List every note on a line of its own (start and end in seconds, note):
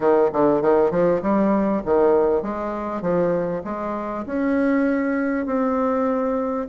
0.00 0.30 D#3
0.32 0.61 D3
0.61 0.90 D#3
0.90 1.21 F3
1.21 1.82 G3
1.85 2.42 D#3
2.42 3.01 G#3
3.01 3.62 F3
3.64 4.25 G#3
4.26 5.46 C#4
5.46 6.67 C4